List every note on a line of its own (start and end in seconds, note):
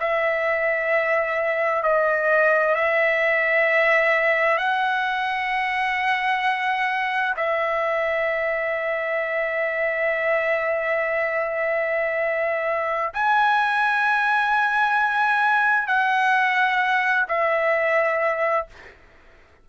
0.00 1.83 E5
1.83 2.75 D#5
2.75 4.58 E5
4.58 7.35 F#5
7.37 13.14 E5
13.14 15.88 G#5
15.88 17.26 F#5
17.29 18.67 E5